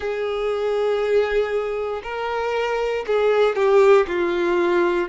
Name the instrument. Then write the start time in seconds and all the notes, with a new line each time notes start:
violin
0.00 G#4
2.03 A#4
3.06 G#4
3.55 G4
4.07 F4